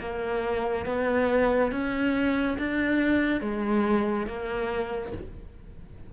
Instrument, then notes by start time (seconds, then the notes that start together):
cello
0.00 A#3
0.86 B3
1.72 C#4
2.59 D4
3.41 G#3
4.27 A#3